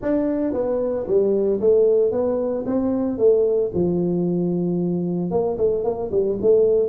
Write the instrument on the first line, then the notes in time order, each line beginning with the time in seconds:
tuba
0.02 D4
0.53 B3
1.07 G3
1.60 A3
2.11 B3
2.65 C4
3.18 A3
3.74 F3
5.30 A#3
5.57 A3
5.83 A#3
6.11 G3
6.41 A3